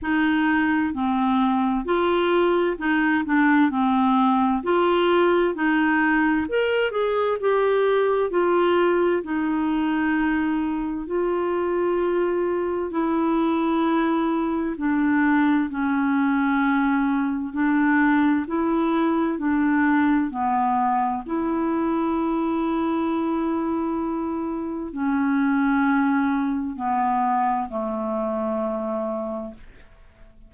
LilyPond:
\new Staff \with { instrumentName = "clarinet" } { \time 4/4 \tempo 4 = 65 dis'4 c'4 f'4 dis'8 d'8 | c'4 f'4 dis'4 ais'8 gis'8 | g'4 f'4 dis'2 | f'2 e'2 |
d'4 cis'2 d'4 | e'4 d'4 b4 e'4~ | e'2. cis'4~ | cis'4 b4 a2 | }